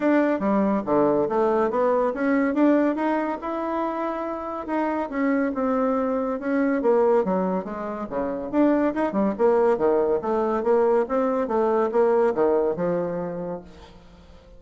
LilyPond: \new Staff \with { instrumentName = "bassoon" } { \time 4/4 \tempo 4 = 141 d'4 g4 d4 a4 | b4 cis'4 d'4 dis'4 | e'2. dis'4 | cis'4 c'2 cis'4 |
ais4 fis4 gis4 cis4 | d'4 dis'8 g8 ais4 dis4 | a4 ais4 c'4 a4 | ais4 dis4 f2 | }